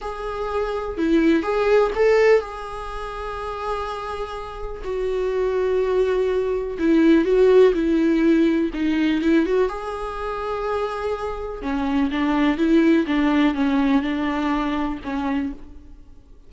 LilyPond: \new Staff \with { instrumentName = "viola" } { \time 4/4 \tempo 4 = 124 gis'2 e'4 gis'4 | a'4 gis'2.~ | gis'2 fis'2~ | fis'2 e'4 fis'4 |
e'2 dis'4 e'8 fis'8 | gis'1 | cis'4 d'4 e'4 d'4 | cis'4 d'2 cis'4 | }